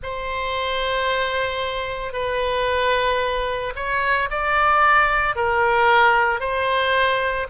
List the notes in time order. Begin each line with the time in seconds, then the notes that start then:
0.02 C5
2.12 B4
3.75 C#5
4.30 D5
5.35 A#4
6.40 C5